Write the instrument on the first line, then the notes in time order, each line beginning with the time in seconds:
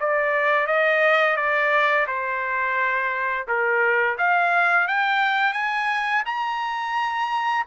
trumpet
0.00 D5
0.67 D#5
1.36 D5
2.07 C5
3.47 A#4
4.18 F5
4.87 G5
5.53 G#5
6.26 A#5